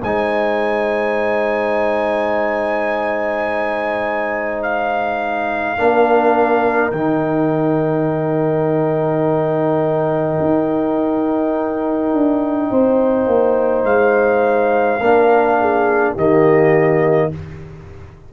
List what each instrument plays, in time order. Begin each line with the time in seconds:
0.00 tuba G#3, trombone D#4, horn C5, trumpet G#5
4.63 trumpet F5
5.77 tuba A#3, trombone D4, horn A#4
6.91 tuba D#3, trombone D#4, trumpet G5
10.40 tuba D#4
12.13 tuba D4
12.71 tuba C4, horn C5
13.27 tuba A#3
13.84 tuba G#3, trumpet F5
15.01 tuba A#3, trombone D4, horn A#4
15.61 horn G#4
16.14 tuba D#3, trombone A#3, horn G4, trumpet D#5